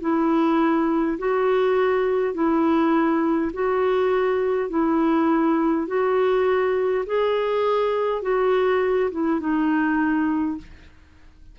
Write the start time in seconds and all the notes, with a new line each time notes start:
0.00 E4
1.18 F#4
2.34 E4
3.53 F#4
4.70 E4
5.87 F#4
7.06 G#4
8.22 F#4
9.11 E4
9.40 D#4